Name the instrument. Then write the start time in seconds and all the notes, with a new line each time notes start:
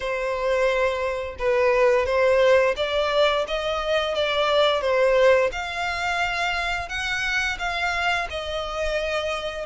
violin
0.00 C5
1.38 B4
2.05 C5
2.76 D5
3.47 D#5
4.14 D5
4.81 C5
5.52 F5
6.88 F#5
7.58 F5
8.29 D#5